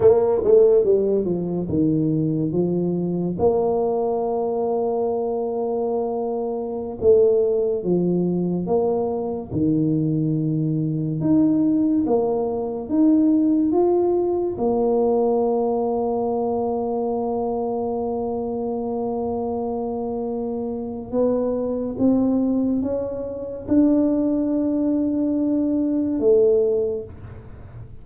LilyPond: \new Staff \with { instrumentName = "tuba" } { \time 4/4 \tempo 4 = 71 ais8 a8 g8 f8 dis4 f4 | ais1~ | ais16 a4 f4 ais4 dis8.~ | dis4~ dis16 dis'4 ais4 dis'8.~ |
dis'16 f'4 ais2~ ais8.~ | ais1~ | ais4 b4 c'4 cis'4 | d'2. a4 | }